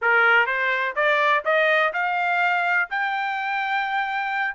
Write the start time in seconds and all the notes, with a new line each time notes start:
0.01 A#4
0.46 C5
0.95 D5
1.44 D#5
1.93 F5
2.89 G5